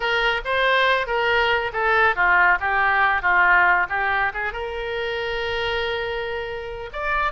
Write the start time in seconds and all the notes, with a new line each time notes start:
0.00 A#4
0.45 C5
1.06 A#4
1.73 A4
2.15 F4
2.60 G4
3.22 F4
3.89 G4
4.33 G#4
4.52 A#4
6.92 D5